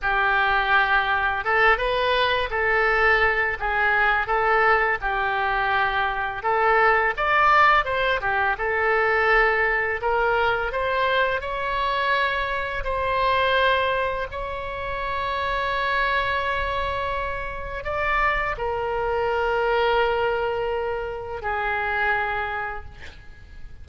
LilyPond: \new Staff \with { instrumentName = "oboe" } { \time 4/4 \tempo 4 = 84 g'2 a'8 b'4 a'8~ | a'4 gis'4 a'4 g'4~ | g'4 a'4 d''4 c''8 g'8 | a'2 ais'4 c''4 |
cis''2 c''2 | cis''1~ | cis''4 d''4 ais'2~ | ais'2 gis'2 | }